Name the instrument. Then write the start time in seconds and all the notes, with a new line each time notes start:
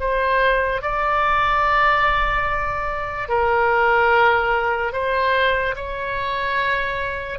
oboe
0.00 C5
0.82 D5
3.29 A#4
4.93 C5
5.76 C#5